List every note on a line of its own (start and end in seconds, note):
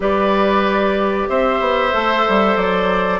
0.00 1.27 G3
0.00 1.92 G4
0.00 1.29 B4
0.00 1.28 D5
1.28 1.60 C4
1.28 3.19 C5
1.28 2.56 E5
1.60 1.92 B3
1.92 2.26 A3
1.92 3.19 A4
2.28 2.56 G3
2.56 3.19 F#3
2.56 3.19 D5